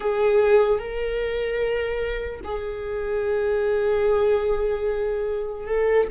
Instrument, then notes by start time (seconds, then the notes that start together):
viola
0.00 G#4
0.79 A#4
2.43 G#4
5.66 A4